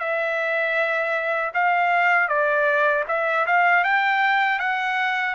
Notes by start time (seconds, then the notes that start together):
0.00 E5
1.54 F5
2.28 D5
3.08 E5
3.47 F5
3.84 G5
4.59 F#5